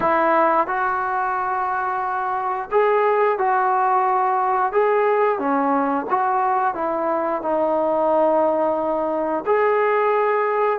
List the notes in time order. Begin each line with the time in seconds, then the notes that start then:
0.00 E4
0.67 F#4
2.71 G#4
3.38 F#4
4.72 G#4
5.38 C#4
6.09 F#4
6.74 E4
7.42 D#4
9.46 G#4